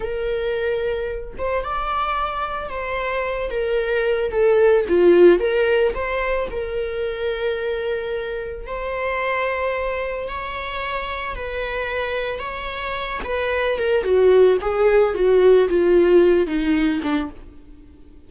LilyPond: \new Staff \with { instrumentName = "viola" } { \time 4/4 \tempo 4 = 111 ais'2~ ais'8 c''8 d''4~ | d''4 c''4. ais'4. | a'4 f'4 ais'4 c''4 | ais'1 |
c''2. cis''4~ | cis''4 b'2 cis''4~ | cis''8 b'4 ais'8 fis'4 gis'4 | fis'4 f'4. dis'4 d'8 | }